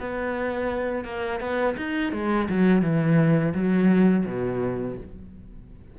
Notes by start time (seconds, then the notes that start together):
0.00 B3
1.05 A#3
1.40 B3
1.77 D#4
2.13 G#3
2.49 F#3
2.82 E3
3.55 F#3
4.26 B2